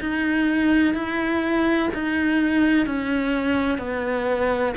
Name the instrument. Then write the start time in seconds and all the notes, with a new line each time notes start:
cello
0.00 D#4
0.94 E4
1.94 D#4
2.86 C#4
3.78 B3